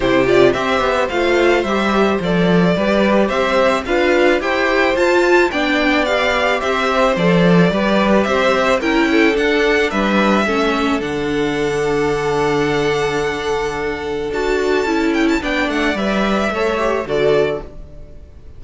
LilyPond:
<<
  \new Staff \with { instrumentName = "violin" } { \time 4/4 \tempo 4 = 109 c''8 d''8 e''4 f''4 e''4 | d''2 e''4 f''4 | g''4 a''4 g''4 f''4 | e''4 d''2 e''4 |
g''4 fis''4 e''2 | fis''1~ | fis''2 a''4. g''16 a''16 | g''8 fis''8 e''2 d''4 | }
  \new Staff \with { instrumentName = "violin" } { \time 4/4 g'4 c''2.~ | c''4 b'4 c''4 b'4 | c''2 d''2 | c''2 b'4 c''4 |
ais'8 a'4. b'4 a'4~ | a'1~ | a'1 | d''2 cis''4 a'4 | }
  \new Staff \with { instrumentName = "viola" } { \time 4/4 e'8 f'8 g'4 f'4 g'4 | a'4 g'2 f'4 | g'4 f'4 d'4 g'4~ | g'4 a'4 g'2 |
e'4 d'2 cis'4 | d'1~ | d'2 fis'4 e'4 | d'4 b'4 a'8 g'8 fis'4 | }
  \new Staff \with { instrumentName = "cello" } { \time 4/4 c4 c'8 b8 a4 g4 | f4 g4 c'4 d'4 | e'4 f'4 b2 | c'4 f4 g4 c'4 |
cis'4 d'4 g4 a4 | d1~ | d2 d'4 cis'4 | b8 a8 g4 a4 d4 | }
>>